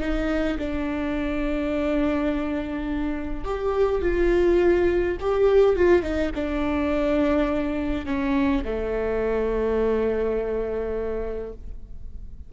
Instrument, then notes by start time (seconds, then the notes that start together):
viola
0.00 D#4
0.58 D4
3.44 G4
4.02 F4
5.20 G4
5.76 F4
6.02 D#4
6.35 D4
8.06 C#4
8.64 A3